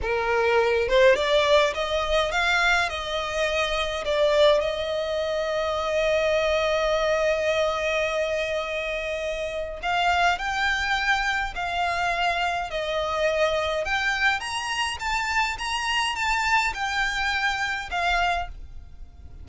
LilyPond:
\new Staff \with { instrumentName = "violin" } { \time 4/4 \tempo 4 = 104 ais'4. c''8 d''4 dis''4 | f''4 dis''2 d''4 | dis''1~ | dis''1~ |
dis''4 f''4 g''2 | f''2 dis''2 | g''4 ais''4 a''4 ais''4 | a''4 g''2 f''4 | }